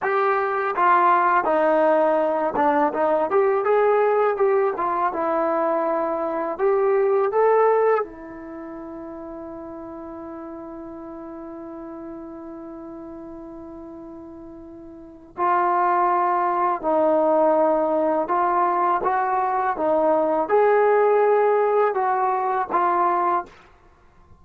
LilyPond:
\new Staff \with { instrumentName = "trombone" } { \time 4/4 \tempo 4 = 82 g'4 f'4 dis'4. d'8 | dis'8 g'8 gis'4 g'8 f'8 e'4~ | e'4 g'4 a'4 e'4~ | e'1~ |
e'1~ | e'4 f'2 dis'4~ | dis'4 f'4 fis'4 dis'4 | gis'2 fis'4 f'4 | }